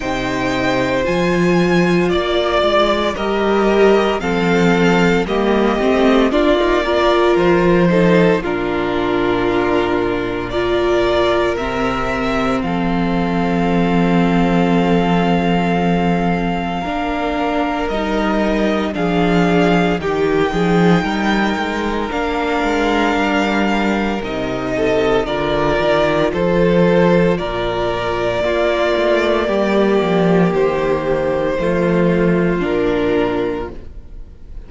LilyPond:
<<
  \new Staff \with { instrumentName = "violin" } { \time 4/4 \tempo 4 = 57 g''4 gis''4 d''4 dis''4 | f''4 dis''4 d''4 c''4 | ais'2 d''4 e''4 | f''1~ |
f''4 dis''4 f''4 g''4~ | g''4 f''2 dis''4 | d''4 c''4 d''2~ | d''4 c''2 ais'4 | }
  \new Staff \with { instrumentName = "violin" } { \time 4/4 c''2 d''4 ais'4 | a'4 g'4 f'8 ais'4 a'8 | f'2 ais'2 | a'1 |
ais'2 gis'4 g'8 gis'8 | ais'2.~ ais'8 a'8 | ais'4 a'4 ais'4 f'4 | g'2 f'2 | }
  \new Staff \with { instrumentName = "viola" } { \time 4/4 dis'4 f'2 g'4 | c'4 ais8 c'8 d'16 dis'16 f'4 dis'8 | d'2 f'4 c'4~ | c'1 |
d'4 dis'4 d'4 dis'4~ | dis'4 d'2 dis'4 | f'2. ais4~ | ais2 a4 d'4 | }
  \new Staff \with { instrumentName = "cello" } { \time 4/4 c4 f4 ais8 gis8 g4 | f4 g8 a8 ais4 f4 | ais,2. c4 | f1 |
ais4 g4 f4 dis8 f8 | g8 gis8 ais8 gis8 g4 c4 | d8 dis8 f4 ais,4 ais8 a8 | g8 f8 dis4 f4 ais,4 | }
>>